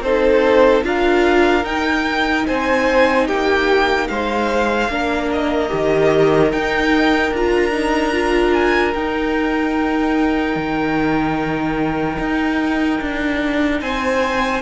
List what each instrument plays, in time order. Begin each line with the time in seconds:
0.00 cello C4, viola D#4, violin A4 C5
0.83 cello D4, viola F4, violin A#4 F5
1.63 viola D#4, cello D#4, violin G5
2.46 cello C4, violin C5 G#5
3.27 cello A#3, violin G4 G5
4.07 cello G#3, violin C5 F5
4.89 cello A#3, viola D4, violin A#4
5.32 violin D#5
5.68 cello D#3, viola G4
6.50 viola D#4, cello D#4, violin G5
7.31 cello D4, viola F4, violin A#5
7.71 viola D#4
8.12 viola F4
8.53 violin G#5
8.94 cello D#4, viola D#4, violin G5
10.55 cello D#3
12.19 cello D#4
13.01 cello D4
13.81 cello C4, violin C5 G#5